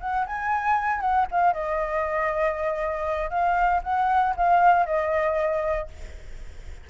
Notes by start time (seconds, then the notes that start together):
0.00 F#5
0.26 G#5
1.00 F#5
1.31 F5
1.53 D#5
3.30 F5
3.83 F#5
4.36 F5
4.86 D#5